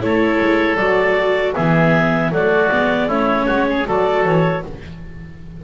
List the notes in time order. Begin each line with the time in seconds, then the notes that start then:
0.00 A3 E4 A4 C#5
0.40 G#3
0.76 F#3 F#4 D5
1.54 E3 B3 G#4 E5
2.31 F#3 A3 F#4 D5
2.71 G#3 B3
3.07 A3 C#4 E4 C#5
3.46 G#3 F#4
3.69 G#4
3.85 F#3 F#4 A4 D5
4.24 E3 C#5